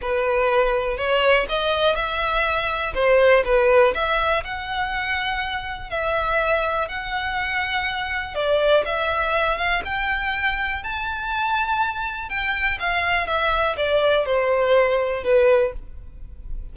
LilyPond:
\new Staff \with { instrumentName = "violin" } { \time 4/4 \tempo 4 = 122 b'2 cis''4 dis''4 | e''2 c''4 b'4 | e''4 fis''2. | e''2 fis''2~ |
fis''4 d''4 e''4. f''8 | g''2 a''2~ | a''4 g''4 f''4 e''4 | d''4 c''2 b'4 | }